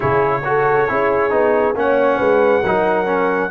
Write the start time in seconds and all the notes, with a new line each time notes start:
0.00 C#3 E4 G#4 C#5
0.44 F#4 A4
0.88 C#4 E4 G#4
1.30 B3 D#4
1.74 A#3 C#4 C#5 F#5
2.17 G#3 B4
2.61 F#3 D#4 A#4
3.05 C#4